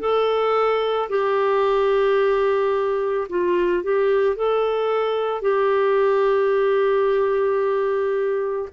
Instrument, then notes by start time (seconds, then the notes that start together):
clarinet
0.00 A4
1.09 G4
3.29 F4
3.83 G4
4.36 A4
5.41 G4